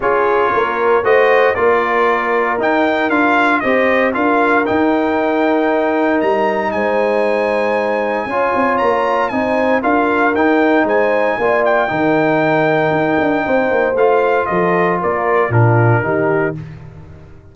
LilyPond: <<
  \new Staff \with { instrumentName = "trumpet" } { \time 4/4 \tempo 4 = 116 cis''2 dis''4 d''4~ | d''4 g''4 f''4 dis''4 | f''4 g''2. | ais''4 gis''2.~ |
gis''4 ais''4 gis''4 f''4 | g''4 gis''4. g''4.~ | g''2. f''4 | dis''4 d''4 ais'2 | }
  \new Staff \with { instrumentName = "horn" } { \time 4/4 gis'4 ais'4 c''4 ais'4~ | ais'2. c''4 | ais'1~ | ais'4 c''2. |
cis''2 c''4 ais'4~ | ais'4 c''4 d''4 ais'4~ | ais'2 c''2 | a'4 ais'4 f'4 g'4 | }
  \new Staff \with { instrumentName = "trombone" } { \time 4/4 f'2 fis'4 f'4~ | f'4 dis'4 f'4 g'4 | f'4 dis'2.~ | dis'1 |
f'2 dis'4 f'4 | dis'2 f'4 dis'4~ | dis'2. f'4~ | f'2 d'4 dis'4 | }
  \new Staff \with { instrumentName = "tuba" } { \time 4/4 cis'4 ais4 a4 ais4~ | ais4 dis'4 d'4 c'4 | d'4 dis'2. | g4 gis2. |
cis'8 c'8 ais4 c'4 d'4 | dis'4 gis4 ais4 dis4~ | dis4 dis'8 d'8 c'8 ais8 a4 | f4 ais4 ais,4 dis4 | }
>>